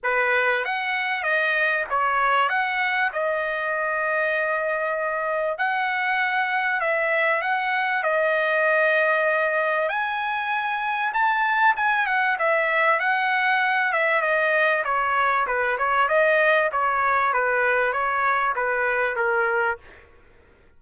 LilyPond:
\new Staff \with { instrumentName = "trumpet" } { \time 4/4 \tempo 4 = 97 b'4 fis''4 dis''4 cis''4 | fis''4 dis''2.~ | dis''4 fis''2 e''4 | fis''4 dis''2. |
gis''2 a''4 gis''8 fis''8 | e''4 fis''4. e''8 dis''4 | cis''4 b'8 cis''8 dis''4 cis''4 | b'4 cis''4 b'4 ais'4 | }